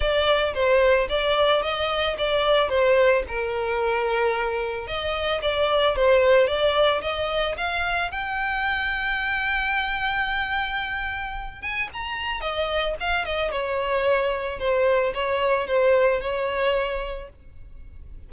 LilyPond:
\new Staff \with { instrumentName = "violin" } { \time 4/4 \tempo 4 = 111 d''4 c''4 d''4 dis''4 | d''4 c''4 ais'2~ | ais'4 dis''4 d''4 c''4 | d''4 dis''4 f''4 g''4~ |
g''1~ | g''4. gis''8 ais''4 dis''4 | f''8 dis''8 cis''2 c''4 | cis''4 c''4 cis''2 | }